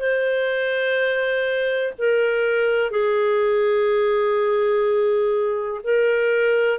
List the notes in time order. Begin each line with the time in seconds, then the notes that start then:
0.00 C5
1.98 A#4
2.91 G#4
5.84 A#4